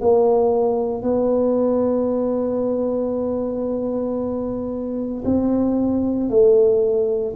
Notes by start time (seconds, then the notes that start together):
0.00 A#3
1.02 B3
5.24 C4
6.29 A3